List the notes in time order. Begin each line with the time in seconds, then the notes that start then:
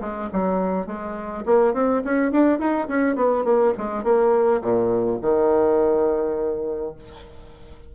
0.00 G#3
0.33 F#3
0.86 G#3
1.46 A#3
1.73 C4
2.04 C#4
2.32 D4
2.59 D#4
2.88 C#4
3.15 B3
3.44 A#3
3.78 G#3
4.03 A#3
4.61 A#2
5.21 D#3